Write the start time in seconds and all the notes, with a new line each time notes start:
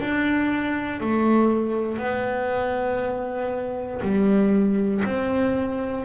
0.00 D4
1.00 A3
1.98 B3
4.02 G3
5.05 C4